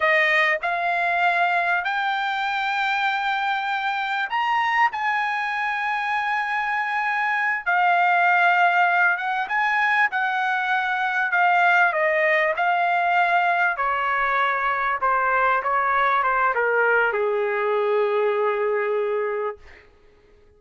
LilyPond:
\new Staff \with { instrumentName = "trumpet" } { \time 4/4 \tempo 4 = 98 dis''4 f''2 g''4~ | g''2. ais''4 | gis''1~ | gis''8 f''2~ f''8 fis''8 gis''8~ |
gis''8 fis''2 f''4 dis''8~ | dis''8 f''2 cis''4.~ | cis''8 c''4 cis''4 c''8 ais'4 | gis'1 | }